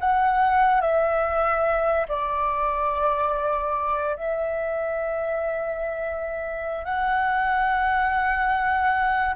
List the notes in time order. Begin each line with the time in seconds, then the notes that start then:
0.00 F#5
0.81 E5
2.08 D5
4.16 E5
6.84 F#5